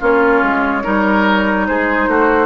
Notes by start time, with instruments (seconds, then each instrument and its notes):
0.00 bassoon A#3, clarinet C#4, oboe F4, flute C#5
0.43 bassoon G#3
0.84 bassoon G3, clarinet D#4, oboe A#4
1.68 bassoon G#3, oboe G#4, flute C5
2.08 bassoon A3, oboe F#4